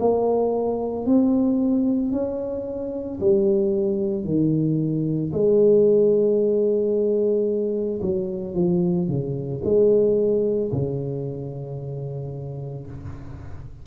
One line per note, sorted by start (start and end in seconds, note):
0.00 1.06 A#3
1.06 2.12 C4
2.12 3.19 C#4
3.20 4.25 G3
4.25 5.32 D#3
5.33 8.01 G#3
8.02 8.55 F#3
8.55 9.08 F3
9.08 9.62 C#3
9.65 10.72 G#3
10.72 12.87 C#3